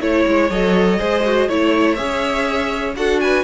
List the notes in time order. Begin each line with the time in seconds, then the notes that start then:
0.00 A3 E4 C#5
0.27 G#3
0.50 F#3 A4 D#5
0.98 G#3 G#4 C5
1.24 F#4
1.48 A3 E4 C#5
1.94 C#4 G#4 E5
2.96 D4 F#4 A4 F#5
3.20 B4 G#5